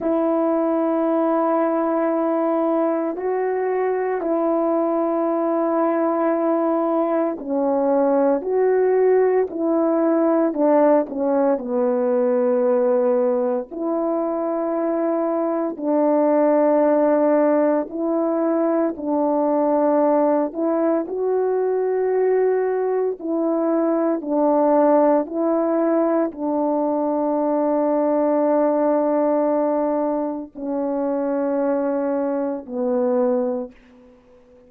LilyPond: \new Staff \with { instrumentName = "horn" } { \time 4/4 \tempo 4 = 57 e'2. fis'4 | e'2. cis'4 | fis'4 e'4 d'8 cis'8 b4~ | b4 e'2 d'4~ |
d'4 e'4 d'4. e'8 | fis'2 e'4 d'4 | e'4 d'2.~ | d'4 cis'2 b4 | }